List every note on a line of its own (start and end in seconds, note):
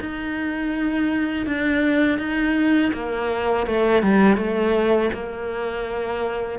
0.00 1.46 D#4
1.46 2.18 D4
2.18 2.91 D#4
2.93 3.66 A#3
3.67 4.02 A3
4.02 4.37 G3
4.37 5.10 A3
5.13 6.59 A#3